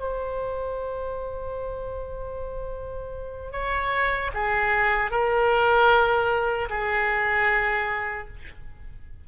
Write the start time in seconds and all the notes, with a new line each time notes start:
0.00 C5
3.52 C#5
4.34 G#4
5.11 A#4
6.70 G#4